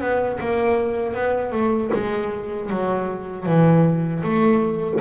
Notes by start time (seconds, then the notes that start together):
0.00 B3
0.40 A#3
1.14 B3
1.52 A3
1.93 G#3
2.70 F#3
3.46 E3
4.23 A3